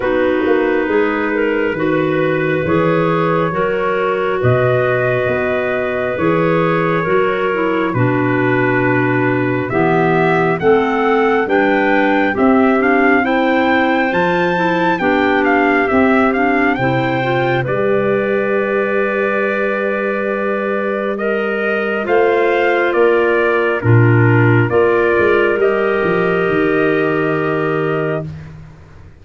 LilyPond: <<
  \new Staff \with { instrumentName = "trumpet" } { \time 4/4 \tempo 4 = 68 b'2. cis''4~ | cis''4 dis''2 cis''4~ | cis''4 b'2 e''4 | fis''4 g''4 e''8 f''8 g''4 |
a''4 g''8 f''8 e''8 f''8 g''4 | d''1 | dis''4 f''4 d''4 ais'4 | d''4 dis''2. | }
  \new Staff \with { instrumentName = "clarinet" } { \time 4/4 fis'4 gis'8 ais'8 b'2 | ais'4 b'2. | ais'4 fis'2 g'4 | a'4 b'4 g'4 c''4~ |
c''4 g'2 c''4 | b'1 | ais'4 c''4 ais'4 f'4 | ais'1 | }
  \new Staff \with { instrumentName = "clarinet" } { \time 4/4 dis'2 fis'4 gis'4 | fis'2. gis'4 | fis'8 e'8 d'2 b4 | c'4 d'4 c'8 d'8 e'4 |
f'8 e'8 d'4 c'8 d'8 e'8 f'8 | g'1~ | g'4 f'2 d'4 | f'4 g'2. | }
  \new Staff \with { instrumentName = "tuba" } { \time 4/4 b8 ais8 gis4 dis4 e4 | fis4 b,4 b4 e4 | fis4 b,2 e4 | a4 g4 c'2 |
f4 b4 c'4 c4 | g1~ | g4 a4 ais4 ais,4 | ais8 gis8 g8 f8 dis2 | }
>>